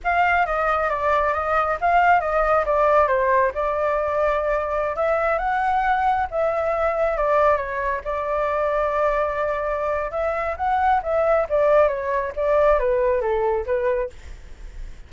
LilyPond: \new Staff \with { instrumentName = "flute" } { \time 4/4 \tempo 4 = 136 f''4 dis''4 d''4 dis''4 | f''4 dis''4 d''4 c''4 | d''2.~ d''16 e''8.~ | e''16 fis''2 e''4.~ e''16~ |
e''16 d''4 cis''4 d''4.~ d''16~ | d''2. e''4 | fis''4 e''4 d''4 cis''4 | d''4 b'4 a'4 b'4 | }